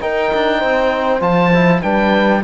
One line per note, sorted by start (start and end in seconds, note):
0.00 1.20 D#4
0.00 0.32 D#4
0.00 0.58 A#4
0.00 1.21 G5
0.34 0.63 D4
0.58 1.21 C4
0.58 1.80 C5
1.20 1.82 F3
1.20 1.51 F4
1.20 1.82 A5
1.54 1.82 E4
1.82 2.44 G3
1.82 2.43 D4
1.82 2.42 B4
1.82 2.42 G5